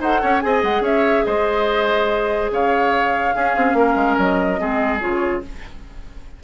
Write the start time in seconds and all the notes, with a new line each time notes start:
0.00 D#4 A4 C5 F#5
0.21 C#4 C#5
0.40 C4 G#4 D#5 G#5
0.63 G#3 F#5
0.80 C#4 C#5 E5
1.25 G#3 C5 D#5
2.51 C#3 C#5 F5
3.33 C#4 G#4
3.56 C4
3.73 A#3 A#4
3.95 G#3
4.18 F#3 D#5
4.58 G#3 C4 G#4
5.00 C#3 F4 C#5